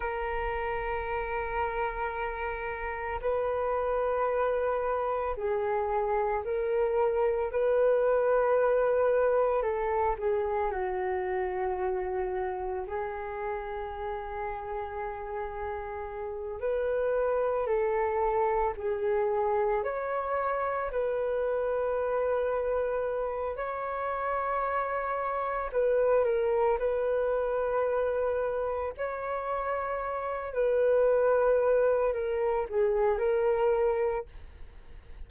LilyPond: \new Staff \with { instrumentName = "flute" } { \time 4/4 \tempo 4 = 56 ais'2. b'4~ | b'4 gis'4 ais'4 b'4~ | b'4 a'8 gis'8 fis'2 | gis'2.~ gis'8 b'8~ |
b'8 a'4 gis'4 cis''4 b'8~ | b'2 cis''2 | b'8 ais'8 b'2 cis''4~ | cis''8 b'4. ais'8 gis'8 ais'4 | }